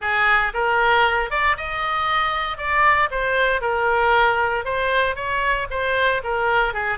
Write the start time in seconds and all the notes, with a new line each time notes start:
0.01 G#4
0.53 A#4
1.30 D5
1.57 D#5
2.57 D5
3.10 C5
3.61 A#4
4.64 C5
5.15 C#5
5.70 C5
6.23 A#4
6.73 G#4